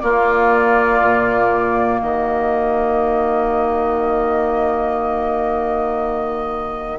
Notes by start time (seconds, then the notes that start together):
0.00 A#3 F4 D5
1.01 A#2
2.01 D#3 F#4 D#5